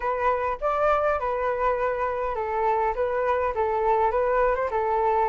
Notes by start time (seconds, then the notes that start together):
0.00 B4
0.60 D5
1.19 B4
2.35 A4
2.95 B4
3.54 A4
4.11 B4
4.55 C5
4.71 A4